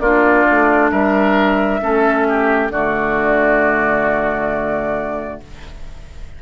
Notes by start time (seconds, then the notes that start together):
0.00 A#3 D4 F4 D5
0.51 A3
0.91 G3 A#4 E5
1.81 A3 C#4 A4
2.29 G4
2.70 D3 A3 F#4 D5